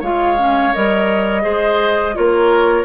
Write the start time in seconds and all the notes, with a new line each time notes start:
0.00 G#3 F4 C#5 F5
0.37 C#4
0.73 G3 A#4 D#5
1.41 G#3 G#4 C5
2.14 A#3 F4 A#4 C#5